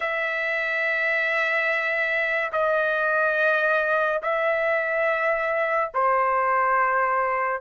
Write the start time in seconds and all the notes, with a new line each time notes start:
0.00 E5
2.52 D#5
4.22 E5
5.94 C5